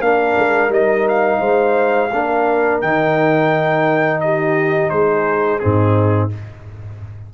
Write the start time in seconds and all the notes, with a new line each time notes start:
0.00 A#3 D4 A#4 F5
0.37 G#3
0.69 G3 D#4 D#5
1.09 F5
1.40 G#3 C5
2.12 A#3 D4 A#4
2.81 D#3 D#4 G5
4.20 G4 D#5
4.90 G#3 G#4 C5
5.59 G#2 C4 D#4 G#4